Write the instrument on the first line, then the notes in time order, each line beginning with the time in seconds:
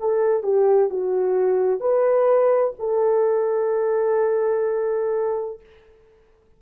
horn
0.00 A4
0.43 G4
0.90 F#4
1.80 B4
2.79 A4